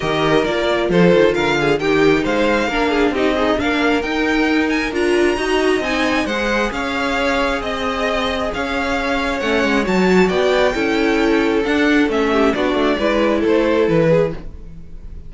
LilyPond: <<
  \new Staff \with { instrumentName = "violin" } { \time 4/4 \tempo 4 = 134 dis''4 d''4 c''4 f''4 | g''4 f''2 dis''4 | f''4 g''4. gis''8 ais''4~ | ais''4 gis''4 fis''4 f''4~ |
f''4 dis''2 f''4~ | f''4 fis''4 a''4 g''4~ | g''2 fis''4 e''4 | d''2 c''4 b'4 | }
  \new Staff \with { instrumentName = "violin" } { \time 4/4 ais'2 a'4 ais'8 gis'8 | g'4 c''4 ais'8 gis'8 g'8 dis'8 | ais'1 | dis''2 c''4 cis''4~ |
cis''4 dis''2 cis''4~ | cis''2. d''4 | a'2.~ a'8 g'8 | fis'4 b'4 a'4. gis'8 | }
  \new Staff \with { instrumentName = "viola" } { \time 4/4 g'4 f'2. | dis'2 d'4 dis'8 gis'8 | d'4 dis'2 f'4 | fis'4 dis'4 gis'2~ |
gis'1~ | gis'4 cis'4 fis'2 | e'2 d'4 cis'4 | d'4 e'2. | }
  \new Staff \with { instrumentName = "cello" } { \time 4/4 dis4 ais4 f8 dis8 d4 | dis4 gis4 ais4 c'4 | ais4 dis'2 d'4 | dis'4 c'4 gis4 cis'4~ |
cis'4 c'2 cis'4~ | cis'4 a8 gis8 fis4 b4 | cis'2 d'4 a4 | b8 a8 gis4 a4 e4 | }
>>